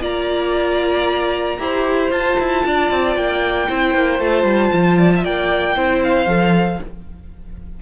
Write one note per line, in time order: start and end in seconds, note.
0.00 1.58 A#3
0.00 1.57 F4
0.00 1.57 D5
0.00 2.12 A#5
1.58 2.11 E4
1.58 2.11 G4
1.58 2.65 C5
2.11 2.37 F4
2.11 3.68 F4
2.11 3.16 A5
2.39 2.65 E4
2.65 2.91 D4
2.65 3.68 D5
2.91 3.16 C4
3.16 3.68 A#3
3.16 4.19 G5
3.68 3.94 C4
3.68 4.20 E4
3.68 4.98 C5
3.94 4.19 A#3
4.19 4.43 A3
4.19 5.76 F4
4.19 5.24 A5
4.43 4.70 G3
4.73 5.24 F3
4.98 5.11 D5
5.15 5.24 E5
5.24 5.76 A#3
5.24 5.75 D5
5.24 6.02 G5
5.75 6.26 C4
5.75 6.27 E4
5.75 6.79 C5
6.03 6.81 F5
6.26 6.78 F3
6.26 6.79 A4